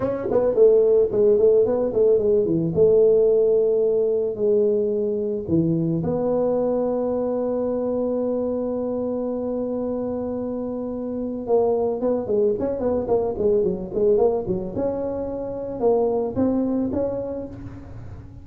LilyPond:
\new Staff \with { instrumentName = "tuba" } { \time 4/4 \tempo 4 = 110 cis'8 b8 a4 gis8 a8 b8 a8 | gis8 e8 a2. | gis2 e4 b4~ | b1~ |
b1~ | b4 ais4 b8 gis8 cis'8 b8 | ais8 gis8 fis8 gis8 ais8 fis8 cis'4~ | cis'4 ais4 c'4 cis'4 | }